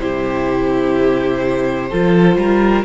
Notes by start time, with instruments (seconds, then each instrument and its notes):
0.00 cello C3, viola E4, violin G4 C5
1.90 cello F3, viola F4, violin A4
2.36 cello G3, violin A#4